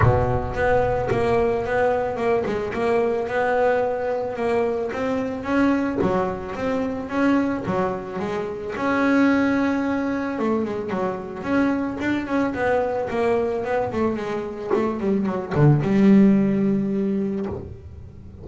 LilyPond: \new Staff \with { instrumentName = "double bass" } { \time 4/4 \tempo 4 = 110 b,4 b4 ais4 b4 | ais8 gis8 ais4 b2 | ais4 c'4 cis'4 fis4 | c'4 cis'4 fis4 gis4 |
cis'2. a8 gis8 | fis4 cis'4 d'8 cis'8 b4 | ais4 b8 a8 gis4 a8 g8 | fis8 d8 g2. | }